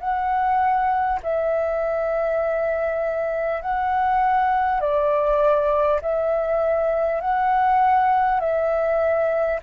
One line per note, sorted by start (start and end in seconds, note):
0.00 1.20 F#5
1.23 3.62 E5
3.62 4.81 F#5
4.81 6.01 D5
6.02 7.21 E5
7.21 8.41 F#5
8.41 9.61 E5